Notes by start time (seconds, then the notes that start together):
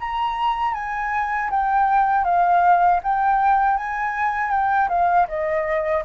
0.00 A#5
0.74 G#5
1.51 G5
2.24 F5
3.03 G5
3.77 G#5
4.51 G5
4.89 F5
5.28 D#5